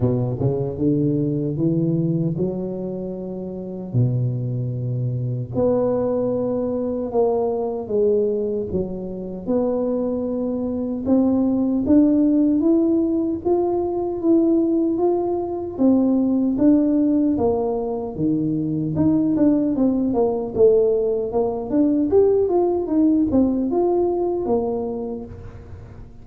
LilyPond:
\new Staff \with { instrumentName = "tuba" } { \time 4/4 \tempo 4 = 76 b,8 cis8 d4 e4 fis4~ | fis4 b,2 b4~ | b4 ais4 gis4 fis4 | b2 c'4 d'4 |
e'4 f'4 e'4 f'4 | c'4 d'4 ais4 dis4 | dis'8 d'8 c'8 ais8 a4 ais8 d'8 | g'8 f'8 dis'8 c'8 f'4 ais4 | }